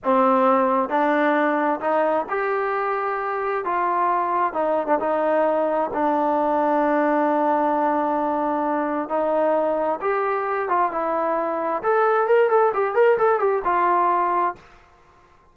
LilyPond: \new Staff \with { instrumentName = "trombone" } { \time 4/4 \tempo 4 = 132 c'2 d'2 | dis'4 g'2. | f'2 dis'8. d'16 dis'4~ | dis'4 d'2.~ |
d'1 | dis'2 g'4. f'8 | e'2 a'4 ais'8 a'8 | g'8 ais'8 a'8 g'8 f'2 | }